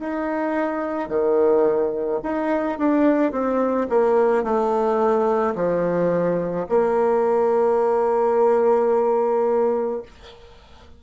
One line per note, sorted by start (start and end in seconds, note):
0.00 1.09 D#4
1.09 2.20 D#3
2.23 2.79 D#4
2.79 3.33 D4
3.33 3.88 C4
3.89 4.44 A#3
4.44 5.55 A3
5.56 6.67 F3
6.70 10.03 A#3